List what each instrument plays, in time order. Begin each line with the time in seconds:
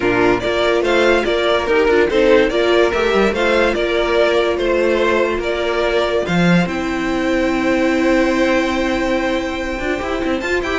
0.00 cello A#2, viola D4, violin F4 A#4
0.40 cello A#3, viola F4, violin A#4 D5
0.81 cello A3, violin C5 F5
1.24 cello A#3, violin A#4 D5
1.66 cello D#4, viola G4, violin A#4
1.88 cello D4, viola F4
2.08 cello C4, viola D#4, violin A4 C5
2.49 cello A#3, viola F4, violin A#4 D5
2.92 cello A3, viola G4, violin E5
3.14 cello G3
3.32 cello A3, viola F4, violin C5 F5
3.74 cello A#3, violin A#4 D5
4.57 cello A3, violin C5
5.38 cello A#3, violin A#4 D5
6.25 cello F3, violin C5 F5
6.66 cello C4, viola E4, violin G5
9.79 cello D4, viola F4
9.98 cello E4, viola G4
10.19 cello C4, viola E4
10.39 cello F4, viola F4, violin A5
10.62 cello E4, viola G4, violin G5